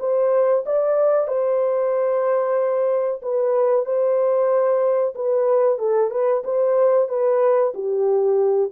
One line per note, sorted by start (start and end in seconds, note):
0.00 0.65 C5
0.66 1.28 D5
1.28 3.21 C5
3.22 3.85 B4
3.85 5.14 C5
5.15 5.79 B4
5.79 6.11 A4
6.11 6.43 B4
6.44 7.09 C5
7.09 7.73 B4
7.74 8.71 G4